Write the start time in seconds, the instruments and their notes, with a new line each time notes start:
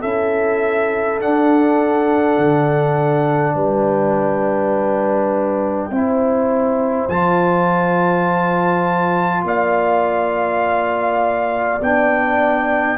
0.00 tuba C#4, trombone E4, horn A4, trumpet E5
1.20 trombone D4, tuba D4, trumpet F#5
2.38 tuba D3
3.55 tuba G3, horn B4, trumpet G5
5.90 tuba C4, trombone E4, horn C5
7.08 tuba F3, trombone F4, trumpet A5
9.43 tuba A#3, horn D5, trumpet F5
11.81 tuba B3, trombone D4, trumpet G5